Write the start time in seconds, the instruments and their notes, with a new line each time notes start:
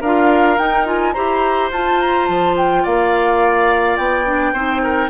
0.00 bassoon D4, clarinet F4, oboe A#4, flute F5
0.57 clarinet D#4, bassoon D#4, flute G5
0.85 clarinet F4, flute G#5
1.12 bassoon E4, clarinet G4, oboe C5, flute A#5
1.70 bassoon F4, clarinet F4, flute A5
2.00 flute A#5
2.26 bassoon F3, flute A5
2.57 flute G5
2.82 bassoon A#3, oboe D5, flute F5
3.96 bassoon B3, flute G5
4.25 clarinet D4
4.53 bassoon C4, clarinet D#4, oboe C5
4.83 oboe A#4